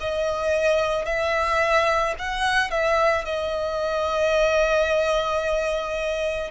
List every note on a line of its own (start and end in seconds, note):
0.00 1.06 D#5
1.06 2.15 E5
2.19 2.71 F#5
2.71 3.25 E5
3.25 6.51 D#5